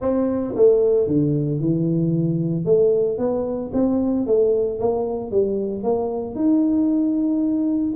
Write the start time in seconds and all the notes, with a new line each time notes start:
0.01 C4
0.55 A3
1.07 D3
1.60 E3
2.65 A3
3.18 B3
3.73 C4
4.26 A3
4.79 A#3
5.31 G3
5.83 A#3
6.35 D#4